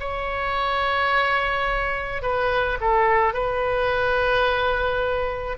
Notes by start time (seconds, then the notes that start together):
0.00 C#5
2.22 B4
2.81 A4
3.33 B4